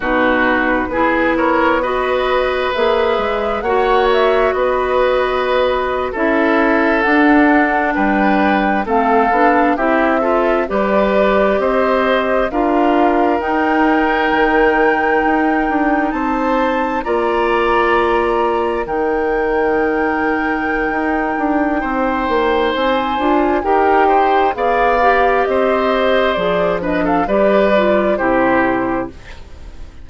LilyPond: <<
  \new Staff \with { instrumentName = "flute" } { \time 4/4 \tempo 4 = 66 b'4. cis''8 dis''4 e''4 | fis''8 e''8 dis''4.~ dis''16 e''4 fis''16~ | fis''8. g''4 f''4 e''4 d''16~ | d''8. dis''4 f''4 g''4~ g''16~ |
g''4.~ g''16 a''4 ais''4~ ais''16~ | ais''8. g''2.~ g''16~ | g''4 gis''4 g''4 f''4 | dis''4 d''8 dis''16 f''16 d''4 c''4 | }
  \new Staff \with { instrumentName = "oboe" } { \time 4/4 fis'4 gis'8 ais'8 b'2 | cis''4 b'4.~ b'16 a'4~ a'16~ | a'8. b'4 a'4 g'8 a'8 b'16~ | b'8. c''4 ais'2~ ais'16~ |
ais'4.~ ais'16 c''4 d''4~ d''16~ | d''8. ais'2.~ ais'16 | c''2 ais'8 c''8 d''4 | c''4. b'16 a'16 b'4 g'4 | }
  \new Staff \with { instrumentName = "clarinet" } { \time 4/4 dis'4 e'4 fis'4 gis'4 | fis'2~ fis'8. e'4 d'16~ | d'4.~ d'16 c'8 d'8 e'8 f'8 g'16~ | g'4.~ g'16 f'4 dis'4~ dis'16~ |
dis'2~ dis'8. f'4~ f'16~ | f'8. dis'2.~ dis'16~ | dis'4. f'8 g'4 gis'8 g'8~ | g'4 gis'8 d'8 g'8 f'8 e'4 | }
  \new Staff \with { instrumentName = "bassoon" } { \time 4/4 b,4 b2 ais8 gis8 | ais4 b4.~ b16 cis'4 d'16~ | d'8. g4 a8 b8 c'4 g16~ | g8. c'4 d'4 dis'4 dis16~ |
dis8. dis'8 d'8 c'4 ais4~ ais16~ | ais8. dis2~ dis16 dis'8 d'8 | c'8 ais8 c'8 d'8 dis'4 b4 | c'4 f4 g4 c4 | }
>>